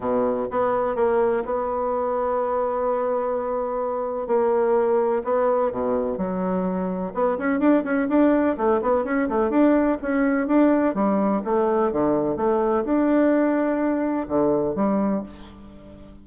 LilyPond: \new Staff \with { instrumentName = "bassoon" } { \time 4/4 \tempo 4 = 126 b,4 b4 ais4 b4~ | b1~ | b4 ais2 b4 | b,4 fis2 b8 cis'8 |
d'8 cis'8 d'4 a8 b8 cis'8 a8 | d'4 cis'4 d'4 g4 | a4 d4 a4 d'4~ | d'2 d4 g4 | }